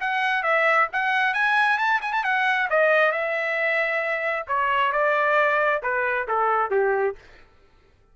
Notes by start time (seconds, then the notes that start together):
0.00 F#5
0.43 E5
0.92 F#5
1.34 G#5
1.78 A5
2.01 G#5
2.12 A5
2.23 F#5
2.69 D#5
3.12 E5
4.47 C#5
4.92 D5
5.82 B4
6.27 A4
6.70 G4